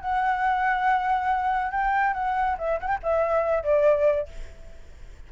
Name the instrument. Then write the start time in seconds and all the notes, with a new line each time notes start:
flute
0.00 F#5
1.71 G5
2.13 F#5
2.58 E5
2.80 F#5
2.87 G5
3.03 E5
3.63 D5